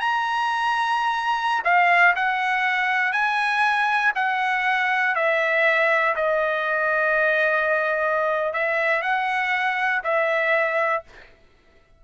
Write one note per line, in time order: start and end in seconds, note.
0.00 1.62 A#5
1.65 2.15 F5
2.16 3.12 F#5
3.12 4.12 G#5
4.15 5.15 F#5
5.15 6.15 E5
6.16 8.53 D#5
8.53 9.02 E5
9.02 10.02 F#5
10.04 11.04 E5